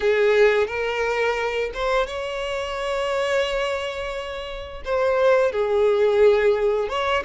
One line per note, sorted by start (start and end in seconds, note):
0.00 0.67 G#4
0.67 1.71 A#4
1.73 2.06 C5
2.06 4.82 C#5
4.84 5.52 C5
5.52 6.88 G#4
6.88 7.23 C#5